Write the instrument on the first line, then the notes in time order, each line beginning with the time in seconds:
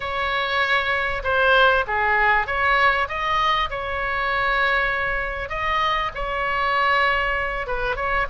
oboe
0.00 C#5
1.23 C5
1.87 G#4
2.46 C#5
3.08 D#5
3.70 C#5
5.49 D#5
6.14 C#5
7.66 B4
7.96 C#5